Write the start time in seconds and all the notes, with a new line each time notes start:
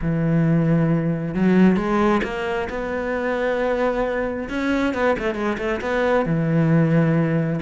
0.01 E3
1.34 F#3
1.76 G#3
2.23 A#3
2.69 B3
4.49 C#4
4.94 B3
5.18 A3
5.34 G#3
5.58 A3
5.81 B3
6.25 E3